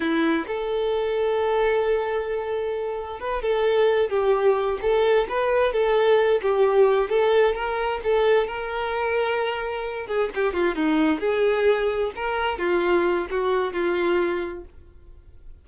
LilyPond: \new Staff \with { instrumentName = "violin" } { \time 4/4 \tempo 4 = 131 e'4 a'2.~ | a'2. b'8 a'8~ | a'4 g'4. a'4 b'8~ | b'8 a'4. g'4. a'8~ |
a'8 ais'4 a'4 ais'4.~ | ais'2 gis'8 g'8 f'8 dis'8~ | dis'8 gis'2 ais'4 f'8~ | f'4 fis'4 f'2 | }